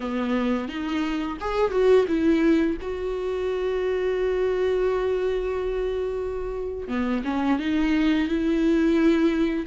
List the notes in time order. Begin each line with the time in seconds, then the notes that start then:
0.00 B3
0.68 D#4
1.40 G#4
1.71 F#4
2.08 E4
2.81 F#4
6.88 B3
7.24 C#4
7.59 D#4
8.28 E4